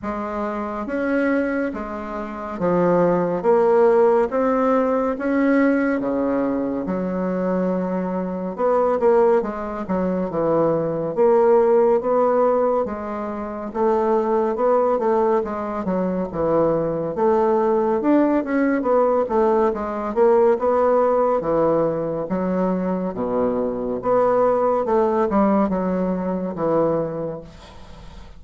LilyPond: \new Staff \with { instrumentName = "bassoon" } { \time 4/4 \tempo 4 = 70 gis4 cis'4 gis4 f4 | ais4 c'4 cis'4 cis4 | fis2 b8 ais8 gis8 fis8 | e4 ais4 b4 gis4 |
a4 b8 a8 gis8 fis8 e4 | a4 d'8 cis'8 b8 a8 gis8 ais8 | b4 e4 fis4 b,4 | b4 a8 g8 fis4 e4 | }